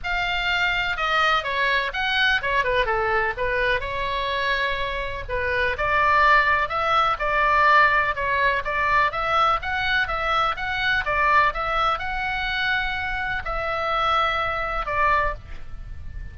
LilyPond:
\new Staff \with { instrumentName = "oboe" } { \time 4/4 \tempo 4 = 125 f''2 dis''4 cis''4 | fis''4 cis''8 b'8 a'4 b'4 | cis''2. b'4 | d''2 e''4 d''4~ |
d''4 cis''4 d''4 e''4 | fis''4 e''4 fis''4 d''4 | e''4 fis''2. | e''2. d''4 | }